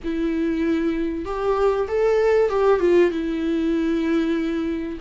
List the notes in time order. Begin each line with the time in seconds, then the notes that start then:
0.03 E4
1.25 G4
1.88 A4
2.49 G4
2.80 F4
3.11 E4